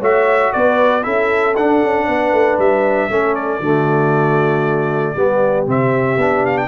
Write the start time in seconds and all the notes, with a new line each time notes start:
0.00 A3 F#4 C#5 E5
0.52 B3 B4 D5
1.02 C#4 E4 A4 E5
1.56 D4 F#5
1.83 C#4
2.07 B3 B4
2.32 A3
2.58 G3 E5
3.09 A3 C#4 A4
3.35 D5
3.59 D3 A3 F#4
5.15 G3 B3 G4
5.66 C3 C4 E5
6.17 B3 D4
6.45 F5
6.57 G5